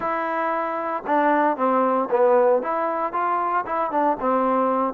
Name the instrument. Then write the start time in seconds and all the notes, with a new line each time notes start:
trombone
0.00 E4
1.06 D4
1.57 C4
2.10 B3
2.62 E4
3.12 F4
3.65 E4
3.91 D4
4.20 C4